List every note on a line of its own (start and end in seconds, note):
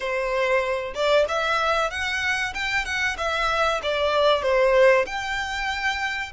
0.00 0.94 C5
0.94 1.25 D5
1.28 1.90 E5
1.90 2.53 F#5
2.54 2.84 G5
2.84 3.16 F#5
3.17 3.80 E5
3.82 4.42 D5
4.42 5.05 C5
5.06 6.32 G5